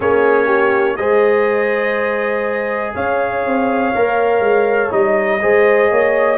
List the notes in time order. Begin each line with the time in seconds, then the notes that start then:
0.00 A#3 C#4 G#4 C#5
0.45 G4
0.96 G#3 G#4 C5 D#5
2.94 C#4 C#5 F5
3.44 C4
3.95 A#3 A#4
4.40 G#3
4.90 G3 D#4 D#5
5.41 G#3 G#4 C5
5.90 A#3 C#5